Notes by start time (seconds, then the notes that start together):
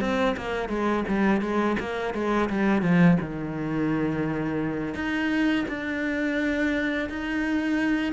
0.00 C4
0.37 A#3
0.68 G#3
1.07 G3
1.41 G#3
1.79 A#3
2.14 G#3
2.49 G3
2.82 F3
3.20 D#3
4.94 D#4
5.68 D4
7.09 D#4